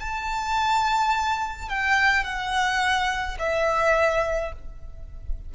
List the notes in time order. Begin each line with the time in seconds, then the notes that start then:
0.00 A5
1.69 G5
2.24 F#5
3.39 E5